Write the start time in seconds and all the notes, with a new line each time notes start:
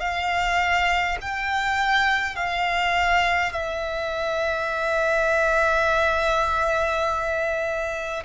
0.00 F5
1.21 G5
2.36 F5
3.52 E5